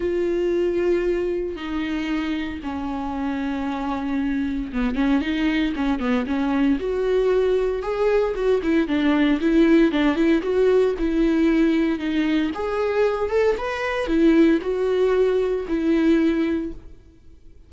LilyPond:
\new Staff \with { instrumentName = "viola" } { \time 4/4 \tempo 4 = 115 f'2. dis'4~ | dis'4 cis'2.~ | cis'4 b8 cis'8 dis'4 cis'8 b8 | cis'4 fis'2 gis'4 |
fis'8 e'8 d'4 e'4 d'8 e'8 | fis'4 e'2 dis'4 | gis'4. a'8 b'4 e'4 | fis'2 e'2 | }